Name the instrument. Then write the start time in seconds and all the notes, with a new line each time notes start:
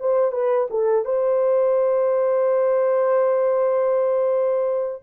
horn
0.00 C5
0.32 B4
0.70 A4
1.05 C5